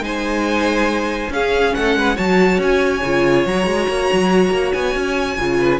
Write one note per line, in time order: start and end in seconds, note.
0.00 1.29 G#3
0.00 1.30 D#4
0.00 1.33 C5
0.00 1.32 G#5
1.29 1.72 C#4
1.29 2.15 C#4
1.29 1.76 G#4
1.29 1.74 F5
1.74 1.96 A3
1.74 1.98 A4
1.74 2.17 F#5
1.96 2.17 G#3
1.96 2.15 B4
2.15 2.58 F#3
2.15 3.01 F#4
2.15 5.58 C#5
2.15 2.60 A5
2.58 3.01 C#4
2.58 3.47 G#5
3.03 3.46 C#3
3.03 3.49 F4
3.46 3.66 F#3
3.46 5.39 F#4
3.46 4.72 A#5
3.66 3.87 G#3
3.88 4.10 A#3
4.12 4.51 F#3
4.51 4.72 A#3
4.72 4.95 B3
4.72 5.80 G#5
4.95 5.38 C#4
5.39 5.80 C#3
5.39 5.80 F4
5.59 5.80 B4